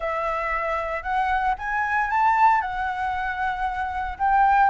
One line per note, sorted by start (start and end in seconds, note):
0.00 1.02 E5
1.02 1.55 F#5
1.58 2.10 G#5
2.10 2.61 A5
2.61 4.17 F#5
4.18 4.70 G5